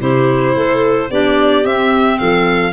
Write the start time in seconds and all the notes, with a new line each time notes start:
0.00 C3 E4 G4 C5
0.56 A3 A4
1.10 B3 D4 G4 D5
1.65 C4 E5
2.19 F3 A4 F5